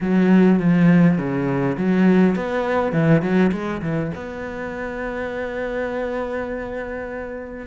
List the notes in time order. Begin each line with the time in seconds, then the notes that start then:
0.01 F#3
0.59 F3
1.18 C#3
1.77 F#3
2.35 B3
2.92 E3
3.22 F#3
3.52 G#3
3.82 E3
4.14 B3